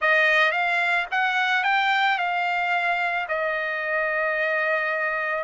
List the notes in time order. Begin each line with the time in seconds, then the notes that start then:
0.01 D#5
0.51 F5
1.11 F#5
1.63 G5
2.18 F5
3.28 D#5